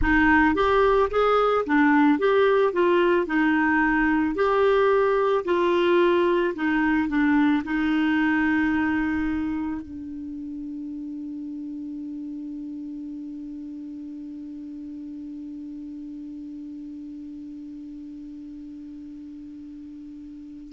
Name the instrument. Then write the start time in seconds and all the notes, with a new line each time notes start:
clarinet
0.01 D#4
0.55 G4
1.10 G#4
1.66 D4
2.18 G4
2.72 F4
3.26 D#4
4.35 G4
5.44 F4
6.55 D#4
7.08 D4
7.64 D#4
9.81 D4